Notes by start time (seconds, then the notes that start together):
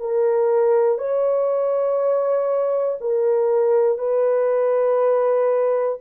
0.00 A#4
0.98 C#5
3.00 A#4
3.98 B4